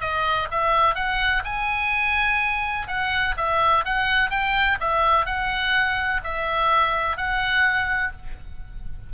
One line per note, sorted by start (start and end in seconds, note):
0.00 0.48 D#5
0.51 0.95 E5
0.95 1.42 F#5
1.44 2.87 G#5
2.87 3.35 F#5
3.37 3.84 E5
3.85 4.30 F#5
4.30 4.78 G5
4.80 5.26 E5
5.26 6.21 F#5
6.24 7.17 E5
7.17 8.12 F#5